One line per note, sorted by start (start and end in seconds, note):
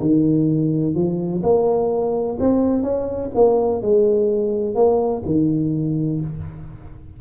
0.00 0.94 D#3
0.94 1.42 F3
1.43 2.38 A#3
2.39 2.82 C4
2.82 3.30 C#4
3.35 3.81 A#3
3.81 4.75 G#3
4.75 5.23 A#3
5.25 6.20 D#3